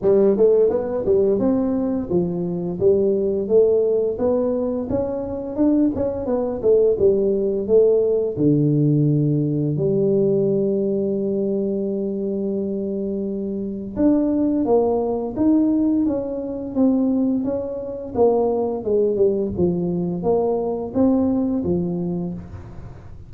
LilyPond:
\new Staff \with { instrumentName = "tuba" } { \time 4/4 \tempo 4 = 86 g8 a8 b8 g8 c'4 f4 | g4 a4 b4 cis'4 | d'8 cis'8 b8 a8 g4 a4 | d2 g2~ |
g1 | d'4 ais4 dis'4 cis'4 | c'4 cis'4 ais4 gis8 g8 | f4 ais4 c'4 f4 | }